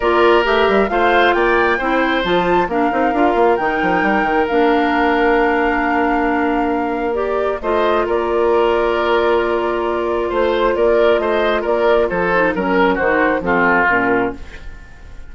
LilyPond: <<
  \new Staff \with { instrumentName = "flute" } { \time 4/4 \tempo 4 = 134 d''4 e''4 f''4 g''4~ | g''4 a''4 f''2 | g''2 f''2~ | f''1 |
d''4 dis''4 d''2~ | d''2. c''4 | d''4 dis''4 d''4 c''4 | ais'4 c''4 a'4 ais'4 | }
  \new Staff \with { instrumentName = "oboe" } { \time 4/4 ais'2 c''4 d''4 | c''2 ais'2~ | ais'1~ | ais'1~ |
ais'4 c''4 ais'2~ | ais'2. c''4 | ais'4 c''4 ais'4 a'4 | ais'4 fis'4 f'2 | }
  \new Staff \with { instrumentName = "clarinet" } { \time 4/4 f'4 g'4 f'2 | e'4 f'4 d'8 dis'8 f'4 | dis'2 d'2~ | d'1 |
g'4 f'2.~ | f'1~ | f'2.~ f'8 dis'8 | cis'4 dis'4 c'4 cis'4 | }
  \new Staff \with { instrumentName = "bassoon" } { \time 4/4 ais4 a8 g8 a4 ais4 | c'4 f4 ais8 c'8 d'8 ais8 | dis8 f8 g8 dis8 ais2~ | ais1~ |
ais4 a4 ais2~ | ais2. a4 | ais4 a4 ais4 f4 | fis4 dis4 f4 ais,4 | }
>>